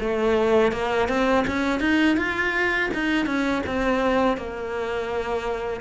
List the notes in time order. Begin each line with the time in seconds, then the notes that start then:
0.00 A3
0.72 A#3
1.08 C4
1.47 C#4
1.80 D#4
2.17 F4
2.94 D#4
3.26 C#4
3.67 C4
4.37 A#3